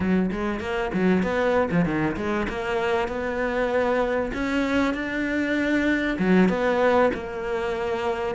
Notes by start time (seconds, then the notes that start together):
0.00 F#3
0.31 G#3
0.60 A#3
0.93 F#3
1.23 B3
1.70 F3
1.85 D#3
2.16 G#3
2.48 A#3
3.08 B3
4.33 C#4
4.93 D4
6.19 F#3
6.49 B3
7.14 A#3